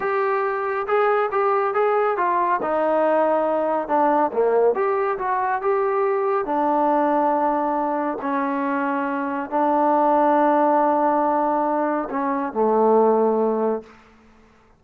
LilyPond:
\new Staff \with { instrumentName = "trombone" } { \time 4/4 \tempo 4 = 139 g'2 gis'4 g'4 | gis'4 f'4 dis'2~ | dis'4 d'4 ais4 g'4 | fis'4 g'2 d'4~ |
d'2. cis'4~ | cis'2 d'2~ | d'1 | cis'4 a2. | }